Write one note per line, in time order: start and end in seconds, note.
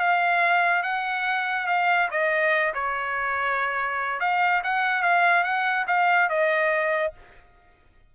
0.00 0.83 F5
0.83 1.67 F#5
1.67 2.09 F5
2.11 2.74 D#5
2.74 4.20 C#5
4.20 4.62 F5
4.64 5.03 F#5
5.03 5.44 F5
5.44 5.86 F#5
5.87 6.29 F5
6.29 7.13 D#5